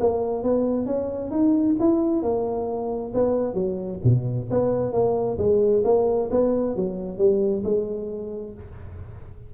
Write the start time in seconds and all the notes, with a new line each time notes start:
0.00 A#3
0.43 B3
0.86 C#4
1.31 D#4
1.80 E4
2.22 A#3
3.14 B3
3.54 F#3
4.04 B2
4.51 B3
4.93 A#3
5.38 G#3
5.84 A#3
6.31 B3
6.76 F#3
7.18 G3
7.64 G#3